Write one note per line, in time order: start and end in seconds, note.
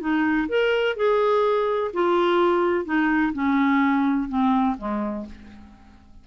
0.00 0.48 D#4
0.48 0.96 A#4
0.96 1.91 G#4
1.93 2.84 F4
2.84 3.32 D#4
3.33 4.28 C#4
4.28 4.76 C4
4.78 5.25 G#3